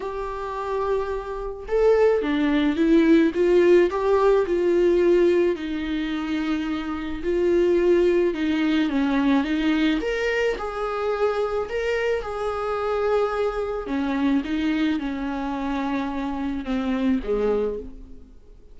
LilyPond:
\new Staff \with { instrumentName = "viola" } { \time 4/4 \tempo 4 = 108 g'2. a'4 | d'4 e'4 f'4 g'4 | f'2 dis'2~ | dis'4 f'2 dis'4 |
cis'4 dis'4 ais'4 gis'4~ | gis'4 ais'4 gis'2~ | gis'4 cis'4 dis'4 cis'4~ | cis'2 c'4 gis4 | }